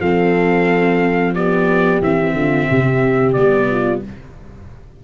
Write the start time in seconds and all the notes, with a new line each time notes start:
0.00 F3 C4 A4 F5
1.34 B3 G4 D5
2.01 E3 C4 E5
2.34 D3 F4
2.70 C3 G4
3.33 G3 B3 D5
3.71 F4